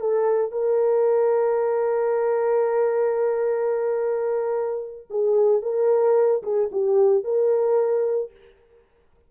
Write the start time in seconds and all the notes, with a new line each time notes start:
0.00 A4
0.52 A#4
5.10 G#4
5.62 A#4
6.43 G#4
6.72 G4
7.24 A#4